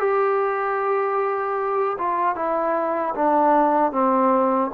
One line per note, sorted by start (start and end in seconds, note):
0.00 1.97 G4
1.98 2.36 F4
2.36 3.15 E4
3.15 3.92 D4
3.92 4.71 C4